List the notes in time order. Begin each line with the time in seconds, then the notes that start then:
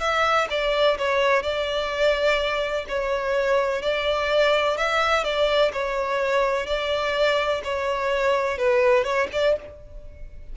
0.00 E5
0.50 D5
0.98 C#5
1.43 D5
2.88 C#5
3.82 D5
4.77 E5
5.24 D5
5.73 C#5
6.67 D5
7.64 C#5
8.58 B4
9.04 C#5
9.33 D5